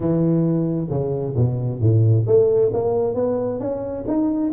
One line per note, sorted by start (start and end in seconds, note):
0.00 0.88 E3
0.89 1.35 C#3
1.36 1.80 B2
1.80 2.25 A2
2.26 2.71 A3
2.73 3.14 A#3
3.14 3.59 B3
3.59 4.04 C#4
4.07 4.52 D#4